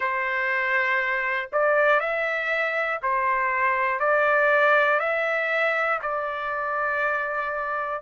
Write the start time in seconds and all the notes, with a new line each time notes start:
0.00 C5
1.52 D5
2.00 E5
3.02 C5
3.99 D5
5.00 E5
6.01 D5